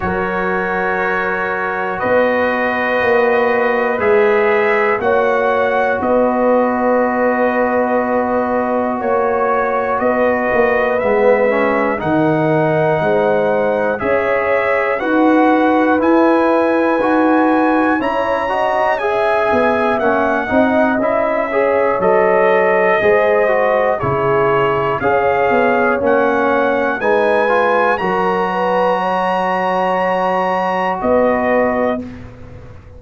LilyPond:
<<
  \new Staff \with { instrumentName = "trumpet" } { \time 4/4 \tempo 4 = 60 cis''2 dis''2 | e''4 fis''4 dis''2~ | dis''4 cis''4 dis''4 e''4 | fis''2 e''4 fis''4 |
gis''2 ais''4 gis''4 | fis''4 e''4 dis''2 | cis''4 f''4 fis''4 gis''4 | ais''2. dis''4 | }
  \new Staff \with { instrumentName = "horn" } { \time 4/4 ais'2 b'2~ | b'4 cis''4 b'2~ | b'4 cis''4 b'2 | ais'4 c''4 cis''4 b'4~ |
b'2 cis''8 dis''8 e''4~ | e''8 dis''4 cis''4. c''4 | gis'4 cis''2 b'4 | ais'8 b'8 cis''2 b'4 | }
  \new Staff \with { instrumentName = "trombone" } { \time 4/4 fis'1 | gis'4 fis'2.~ | fis'2. b8 cis'8 | dis'2 gis'4 fis'4 |
e'4 fis'4 e'8 fis'8 gis'4 | cis'8 dis'8 e'8 gis'8 a'4 gis'8 fis'8 | e'4 gis'4 cis'4 dis'8 f'8 | fis'1 | }
  \new Staff \with { instrumentName = "tuba" } { \time 4/4 fis2 b4 ais4 | gis4 ais4 b2~ | b4 ais4 b8 ais8 gis4 | dis4 gis4 cis'4 dis'4 |
e'4 dis'4 cis'4. b8 | ais8 c'8 cis'4 fis4 gis4 | cis4 cis'8 b8 ais4 gis4 | fis2. b4 | }
>>